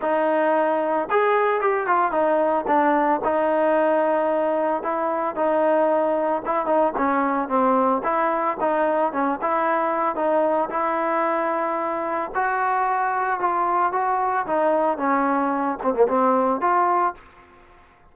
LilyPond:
\new Staff \with { instrumentName = "trombone" } { \time 4/4 \tempo 4 = 112 dis'2 gis'4 g'8 f'8 | dis'4 d'4 dis'2~ | dis'4 e'4 dis'2 | e'8 dis'8 cis'4 c'4 e'4 |
dis'4 cis'8 e'4. dis'4 | e'2. fis'4~ | fis'4 f'4 fis'4 dis'4 | cis'4. c'16 ais16 c'4 f'4 | }